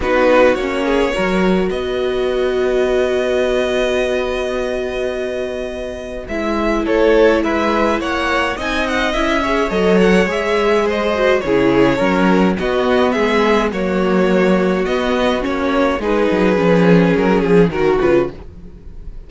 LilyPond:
<<
  \new Staff \with { instrumentName = "violin" } { \time 4/4 \tempo 4 = 105 b'4 cis''2 dis''4~ | dis''1~ | dis''2. e''4 | cis''4 e''4 fis''4 gis''8 fis''8 |
e''4 dis''8 fis''8 e''4 dis''4 | cis''2 dis''4 e''4 | cis''2 dis''4 cis''4 | b'2 ais'8 gis'8 ais'8 b'8 | }
  \new Staff \with { instrumentName = "violin" } { \time 4/4 fis'4. gis'8 ais'4 b'4~ | b'1~ | b'1 | a'4 b'4 cis''4 dis''4~ |
dis''8 cis''2~ cis''8 c''4 | gis'4 ais'4 fis'4 gis'4 | fis'1 | gis'2. fis'4 | }
  \new Staff \with { instrumentName = "viola" } { \time 4/4 dis'4 cis'4 fis'2~ | fis'1~ | fis'2. e'4~ | e'2. dis'4 |
e'8 gis'8 a'4 gis'4. fis'8 | e'4 cis'4 b2 | ais2 b4 cis'4 | dis'4 cis'2 fis'8 f'8 | }
  \new Staff \with { instrumentName = "cello" } { \time 4/4 b4 ais4 fis4 b4~ | b1~ | b2. gis4 | a4 gis4 ais4 c'4 |
cis'4 fis4 gis2 | cis4 fis4 b4 gis4 | fis2 b4 ais4 | gis8 fis8 f4 fis8 f8 dis8 cis8 | }
>>